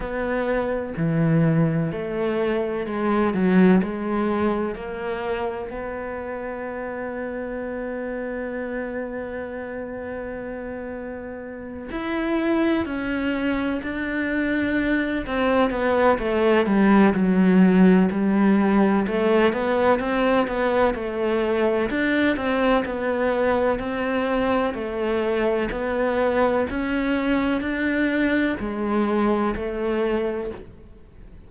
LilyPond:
\new Staff \with { instrumentName = "cello" } { \time 4/4 \tempo 4 = 63 b4 e4 a4 gis8 fis8 | gis4 ais4 b2~ | b1~ | b8 e'4 cis'4 d'4. |
c'8 b8 a8 g8 fis4 g4 | a8 b8 c'8 b8 a4 d'8 c'8 | b4 c'4 a4 b4 | cis'4 d'4 gis4 a4 | }